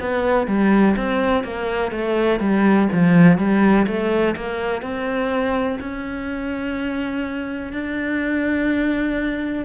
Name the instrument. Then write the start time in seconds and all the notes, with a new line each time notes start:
cello
0.00 B3
0.47 G3
0.96 C4
1.44 A#3
1.91 A3
2.40 G3
2.92 F3
3.38 G3
3.87 A3
4.36 A#3
4.82 C4
5.80 C#4
7.73 D4